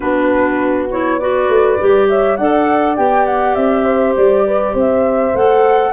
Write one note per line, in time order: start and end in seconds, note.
0.00 1.47 B3
0.00 0.89 D4
0.00 1.19 F#4
0.00 0.86 B4
0.90 1.20 E4
0.90 1.19 C#5
1.19 1.78 F#4
1.19 2.08 B4
1.19 2.08 D5
1.47 1.77 A3
1.78 2.38 G3
1.78 2.38 G4
2.09 2.37 C#5
2.09 2.36 E5
2.36 2.98 D4
2.36 2.97 A4
2.36 3.84 D5
2.36 2.95 F#5
2.96 3.56 B3
2.96 5.34 G4
2.96 3.25 G5
3.25 3.54 F#5
3.54 4.15 C4
3.54 4.14 E5
3.84 4.43 C5
4.16 4.74 G3
4.16 4.75 D5
4.46 4.73 B4
4.73 5.33 C4
4.73 5.92 C5
4.79 5.36 E5
5.33 5.93 A3
5.33 5.93 A4
5.33 5.93 F#5